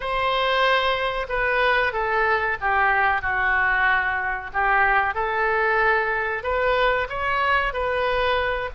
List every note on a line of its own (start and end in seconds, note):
0.00 1.26 C5
1.28 1.92 B4
1.92 2.57 A4
2.60 3.21 G4
3.21 4.50 F#4
4.53 5.14 G4
5.14 6.43 A4
6.43 7.07 B4
7.09 7.73 C#5
7.73 8.70 B4